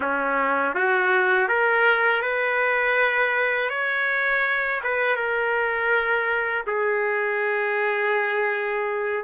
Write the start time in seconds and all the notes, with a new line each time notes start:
0.00 C#4
0.74 F#4
1.48 A#4
2.22 B4
3.69 C#5
4.84 B4
5.16 A#4
6.67 G#4